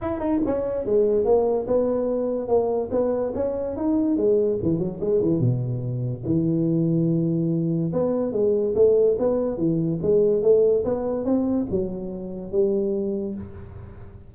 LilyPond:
\new Staff \with { instrumentName = "tuba" } { \time 4/4 \tempo 4 = 144 e'8 dis'8 cis'4 gis4 ais4 | b2 ais4 b4 | cis'4 dis'4 gis4 e8 fis8 | gis8 e8 b,2 e4~ |
e2. b4 | gis4 a4 b4 e4 | gis4 a4 b4 c'4 | fis2 g2 | }